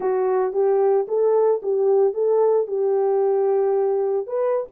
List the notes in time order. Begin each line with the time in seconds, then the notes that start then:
0.00 F#4
0.52 G4
1.07 A4
1.62 G4
2.13 A4
2.67 G4
4.26 B4